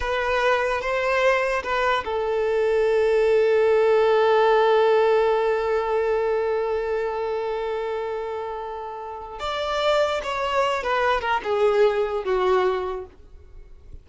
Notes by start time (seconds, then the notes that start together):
0.00 B4
0.81 C5
1.63 B4
2.04 A4
9.39 D5
10.23 C#5
10.83 B4
11.20 A#4
11.43 G#4
12.24 F#4